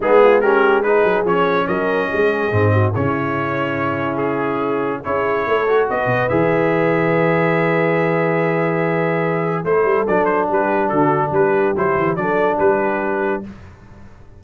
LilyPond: <<
  \new Staff \with { instrumentName = "trumpet" } { \time 4/4 \tempo 4 = 143 gis'4 ais'4 b'4 cis''4 | dis''2. cis''4~ | cis''2 gis'2 | cis''2 dis''4 e''4~ |
e''1~ | e''2. c''4 | d''8 c''8 b'4 a'4 b'4 | c''4 d''4 b'2 | }
  \new Staff \with { instrumentName = "horn" } { \time 4/4 dis'8 f'8 g'4 gis'2 | ais'4 gis'4. fis'8 e'4~ | e'1 | gis'4 a'4 b'2~ |
b'1~ | b'2. a'4~ | a'4 g'4 fis'4 g'4~ | g'4 a'4 g'2 | }
  \new Staff \with { instrumentName = "trombone" } { \time 4/4 b4 cis'4 dis'4 cis'4~ | cis'2 c'4 cis'4~ | cis'1 | e'4. fis'4. gis'4~ |
gis'1~ | gis'2. e'4 | d'1 | e'4 d'2. | }
  \new Staff \with { instrumentName = "tuba" } { \time 4/4 gis2~ gis8 fis8 f4 | fis4 gis4 gis,4 cis4~ | cis1 | cis'4 a4 b8 b,8 e4~ |
e1~ | e2. a8 g8 | fis4 g4 d4 g4 | fis8 e8 fis4 g2 | }
>>